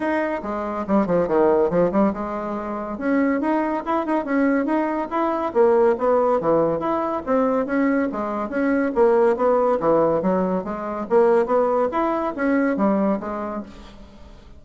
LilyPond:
\new Staff \with { instrumentName = "bassoon" } { \time 4/4 \tempo 4 = 141 dis'4 gis4 g8 f8 dis4 | f8 g8 gis2 cis'4 | dis'4 e'8 dis'8 cis'4 dis'4 | e'4 ais4 b4 e4 |
e'4 c'4 cis'4 gis4 | cis'4 ais4 b4 e4 | fis4 gis4 ais4 b4 | e'4 cis'4 g4 gis4 | }